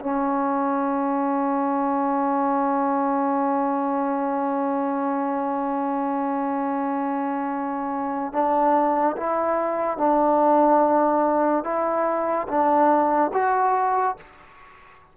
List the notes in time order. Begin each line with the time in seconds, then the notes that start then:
0.00 C#4
8.33 D4
9.17 E4
9.98 D4
11.64 E4
12.48 D4
13.33 F#4